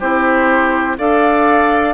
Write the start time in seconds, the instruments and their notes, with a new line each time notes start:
0.00 bassoon C4, clarinet E4, oboe G4, flute C5
0.98 bassoon D4, clarinet A4, oboe D5, flute F5